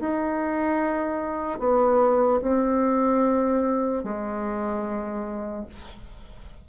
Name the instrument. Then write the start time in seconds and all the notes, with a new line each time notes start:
bassoon
0.00 D#4
1.60 B3
2.42 C4
4.04 G#3